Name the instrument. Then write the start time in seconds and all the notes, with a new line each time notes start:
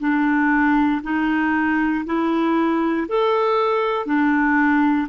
clarinet
0.00 D4
1.03 D#4
2.06 E4
3.08 A4
4.06 D4